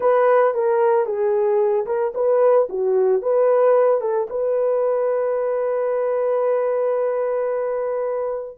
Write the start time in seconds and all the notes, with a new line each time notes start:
0.00 B4
0.54 A#4
1.05 G#4
1.86 A#4
2.14 B4
2.69 F#4
3.22 B4
4.01 A4
4.29 B4